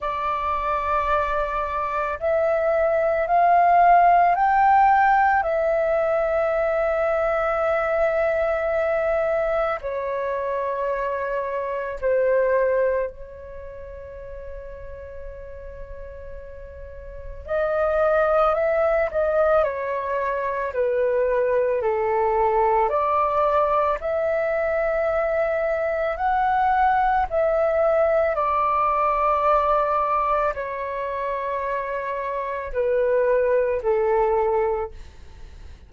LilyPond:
\new Staff \with { instrumentName = "flute" } { \time 4/4 \tempo 4 = 55 d''2 e''4 f''4 | g''4 e''2.~ | e''4 cis''2 c''4 | cis''1 |
dis''4 e''8 dis''8 cis''4 b'4 | a'4 d''4 e''2 | fis''4 e''4 d''2 | cis''2 b'4 a'4 | }